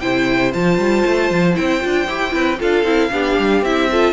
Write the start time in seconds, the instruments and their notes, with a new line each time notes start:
0.00 cello C3, viola E4, violin C5 G5
0.52 cello F3, viola F4, violin A5
0.78 cello G3
1.06 cello A3
1.31 cello F3
1.55 cello C4, viola E4, violin G5
1.80 cello D4, viola F4
2.07 cello E4, viola G4
2.30 cello C4, viola E4, violin B4
2.59 cello D4, viola F4, violin A4 F5
2.83 cello C4, viola E4
3.11 cello B3, viola D4, violin G4
3.38 cello G3
3.62 cello C4, viola E4, violin E5
3.91 viola F4, violin A4